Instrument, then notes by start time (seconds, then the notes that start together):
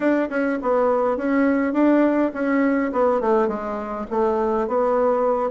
bassoon
0.00 D4
0.29 C#4
0.62 B3
1.17 C#4
1.73 D4
2.33 C#4
2.92 B3
3.20 A3
3.47 G#3
4.10 A3
4.67 B3